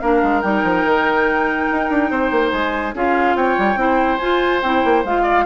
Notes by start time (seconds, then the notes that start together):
0.00 A#3 D4 A#4 F5
0.23 G#3
0.42 G3 D#4 G5
0.64 F3
0.85 D#3
1.72 D#4
1.90 D4
2.11 C4 C5
2.31 A#3
2.52 G#3 G#5
2.94 C#4 F4 G#4 F5
3.36 C4 C#5 G5
3.59 G3
3.76 C4 E4 C5
4.18 F4 G#5
4.62 C4 E4 G5
4.85 A#3
5.05 G#3 F4 F5
5.23 D5